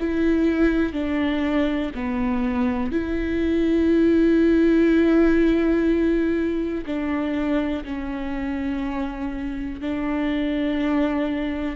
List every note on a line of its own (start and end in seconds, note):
0.00 0.93 E4
0.93 1.92 D4
1.95 2.92 B3
2.92 6.85 E4
6.86 7.85 D4
7.86 9.81 C#4
9.81 11.77 D4